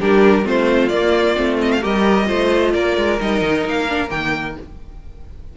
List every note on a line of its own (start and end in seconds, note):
0.00 0.46 G3
0.00 0.43 D4
0.00 0.45 G4
0.00 0.47 A#4
0.43 0.90 A3
0.43 0.89 C4
0.43 1.81 F4
0.43 0.88 C5
0.88 1.36 A#3
0.88 1.57 D5
1.36 1.84 A3
1.36 1.81 C4
1.62 1.72 D#5
1.72 1.84 F5
1.81 2.30 G3
1.81 2.26 G4
1.81 2.27 A#4
1.81 2.74 D#5
2.26 2.74 A3
2.26 3.18 F4
2.26 2.73 C5
2.74 2.97 A#3
2.74 4.57 A#4
2.74 3.20 D5
2.97 3.20 G#3
3.20 3.41 G3
3.20 3.89 D#4
3.20 3.67 D#5
3.41 3.64 D#3
3.65 4.11 A#3
3.65 4.10 F5
3.89 4.08 D4
4.08 4.57 D#3
4.08 4.54 A#3
4.08 4.56 G5